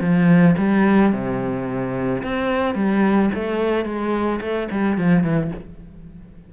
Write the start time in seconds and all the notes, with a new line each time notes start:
0.00 F3
0.57 G3
1.12 C3
2.23 C4
2.74 G3
3.34 A3
3.85 G#3
4.41 A3
4.71 G3
4.97 F3
5.23 E3